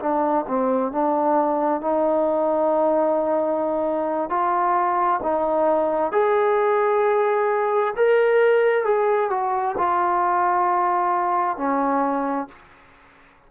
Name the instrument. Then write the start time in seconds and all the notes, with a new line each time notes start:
trombone
0.00 D4
0.48 C4
0.93 D4
1.82 D#4
4.30 F4
5.24 D#4
6.13 G#4
7.97 A#4
8.85 G#4
9.31 F#4
9.78 F4
11.58 C#4